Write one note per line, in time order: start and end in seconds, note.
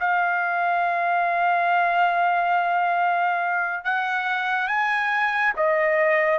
0.00 3.85 F5
3.85 4.68 F#5
4.68 5.54 G#5
5.57 6.39 D#5